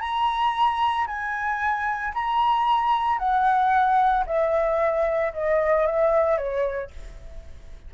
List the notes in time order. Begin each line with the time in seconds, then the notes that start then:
0.00 A#5
1.07 G#5
2.14 A#5
3.18 F#5
4.26 E5
5.33 D#5
5.86 E5
6.37 C#5